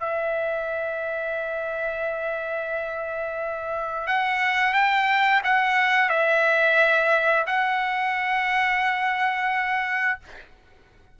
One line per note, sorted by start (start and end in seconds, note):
0.00 4.07 E5
4.07 4.74 F#5
4.74 5.42 G5
5.44 6.10 F#5
6.10 7.46 E5
7.47 10.20 F#5